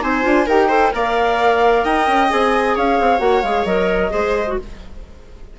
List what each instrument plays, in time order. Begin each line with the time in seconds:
0.00 bassoon C4, clarinet D#4, viola C5, flute G#5
0.22 bassoon D4, clarinet F4
0.46 bassoon D#4, clarinet G4, viola A#4, flute G5
0.68 clarinet A4, viola C5
0.92 bassoon A#3, clarinet A#4, viola D5, flute F5
1.84 bassoon D#4, viola D#5, flute G5
2.07 bassoon C#4
2.29 bassoon C4, clarinet G#4, flute G#5
2.75 bassoon C#4, viola C#5, flute F5
3.00 bassoon C4
3.18 bassoon A#3, clarinet F#4, flute F#5
3.42 bassoon G#3, clarinet G#4, flute F5
3.65 bassoon F#3, clarinet A#4, flute D#5
4.10 bassoon G#3, clarinet G#4, viola C5
4.47 clarinet F#4